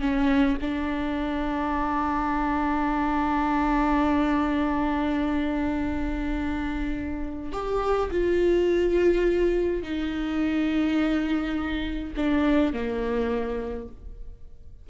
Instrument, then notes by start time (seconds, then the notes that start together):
viola
0.00 C#4
0.61 D4
7.52 G4
8.11 F4
9.82 D#4
12.17 D4
12.73 A#3